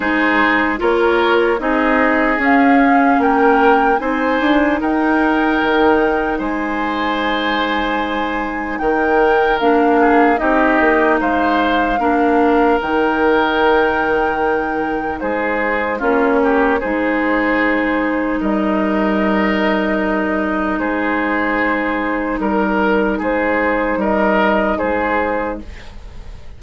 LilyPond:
<<
  \new Staff \with { instrumentName = "flute" } { \time 4/4 \tempo 4 = 75 c''4 cis''4 dis''4 f''4 | g''4 gis''4 g''2 | gis''2. g''4 | f''4 dis''4 f''2 |
g''2. c''4 | cis''4 c''2 dis''4~ | dis''2 c''2 | ais'4 c''4 dis''4 c''4 | }
  \new Staff \with { instrumentName = "oboe" } { \time 4/4 gis'4 ais'4 gis'2 | ais'4 c''4 ais'2 | c''2. ais'4~ | ais'8 gis'8 g'4 c''4 ais'4~ |
ais'2. gis'4 | f'8 g'8 gis'2 ais'4~ | ais'2 gis'2 | ais'4 gis'4 ais'4 gis'4 | }
  \new Staff \with { instrumentName = "clarinet" } { \time 4/4 dis'4 f'4 dis'4 cis'4~ | cis'4 dis'2.~ | dis'1 | d'4 dis'2 d'4 |
dis'1 | cis'4 dis'2.~ | dis'1~ | dis'1 | }
  \new Staff \with { instrumentName = "bassoon" } { \time 4/4 gis4 ais4 c'4 cis'4 | ais4 c'8 d'8 dis'4 dis4 | gis2. dis4 | ais4 c'8 ais8 gis4 ais4 |
dis2. gis4 | ais4 gis2 g4~ | g2 gis2 | g4 gis4 g4 gis4 | }
>>